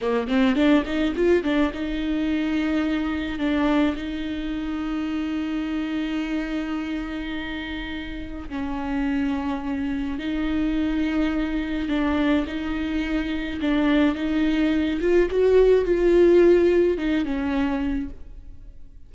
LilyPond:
\new Staff \with { instrumentName = "viola" } { \time 4/4 \tempo 4 = 106 ais8 c'8 d'8 dis'8 f'8 d'8 dis'4~ | dis'2 d'4 dis'4~ | dis'1~ | dis'2. cis'4~ |
cis'2 dis'2~ | dis'4 d'4 dis'2 | d'4 dis'4. f'8 fis'4 | f'2 dis'8 cis'4. | }